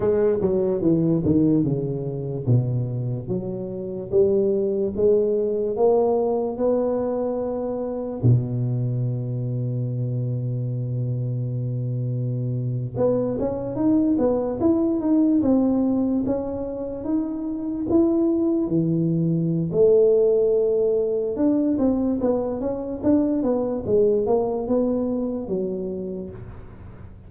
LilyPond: \new Staff \with { instrumentName = "tuba" } { \time 4/4 \tempo 4 = 73 gis8 fis8 e8 dis8 cis4 b,4 | fis4 g4 gis4 ais4 | b2 b,2~ | b,2.~ b,8. b16~ |
b16 cis'8 dis'8 b8 e'8 dis'8 c'4 cis'16~ | cis'8. dis'4 e'4 e4~ e16 | a2 d'8 c'8 b8 cis'8 | d'8 b8 gis8 ais8 b4 fis4 | }